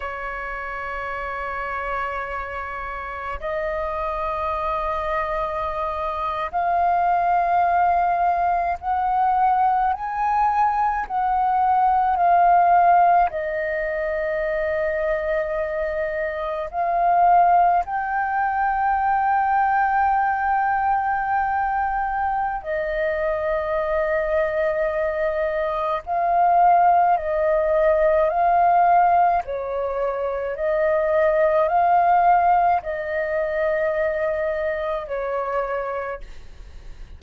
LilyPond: \new Staff \with { instrumentName = "flute" } { \time 4/4 \tempo 4 = 53 cis''2. dis''4~ | dis''4.~ dis''16 f''2 fis''16~ | fis''8. gis''4 fis''4 f''4 dis''16~ | dis''2~ dis''8. f''4 g''16~ |
g''1 | dis''2. f''4 | dis''4 f''4 cis''4 dis''4 | f''4 dis''2 cis''4 | }